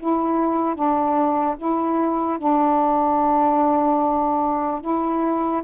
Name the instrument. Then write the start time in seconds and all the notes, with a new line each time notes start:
saxophone
0.00 E4
0.76 D4
1.58 E4
2.39 D4
4.82 E4